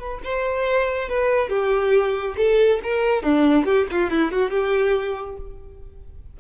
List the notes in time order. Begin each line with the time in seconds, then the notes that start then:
0.00 B4
0.24 C5
1.09 B4
1.49 G4
2.37 A4
2.83 A#4
3.23 D4
3.65 G4
3.91 F4
4.11 E4
4.32 F#4
4.50 G4